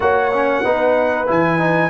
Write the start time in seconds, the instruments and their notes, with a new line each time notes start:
0.00 tuba A#3, trombone F#4, horn C#5, trumpet F#5
0.32 trombone C#4
0.64 tuba B3, trombone D#4, horn B4
1.26 tuba E3, trombone E4, trumpet G#5
1.58 trombone D#4